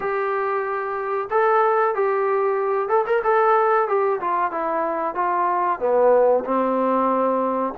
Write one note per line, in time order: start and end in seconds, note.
0.00 1.28 G4
1.30 1.94 A4
1.94 2.89 G4
2.89 3.05 A4
3.06 3.22 A#4
3.23 3.87 A4
3.87 4.20 G4
4.20 4.51 F4
4.51 5.14 E4
5.14 5.79 F4
5.79 6.44 B3
6.44 7.73 C4